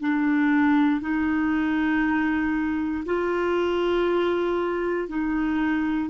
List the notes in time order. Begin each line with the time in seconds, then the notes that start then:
0.00 D4
1.01 D#4
3.05 F4
5.08 D#4